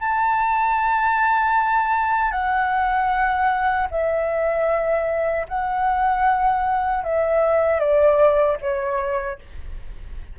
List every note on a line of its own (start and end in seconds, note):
0.00 2.32 A5
2.32 3.87 F#5
3.91 5.47 E5
5.49 7.04 F#5
7.04 7.80 E5
7.80 8.57 D5
8.61 9.39 C#5